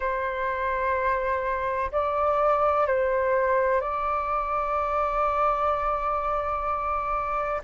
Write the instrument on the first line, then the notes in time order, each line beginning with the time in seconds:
flute
0.00 C5
1.91 D5
2.87 C5
3.81 D5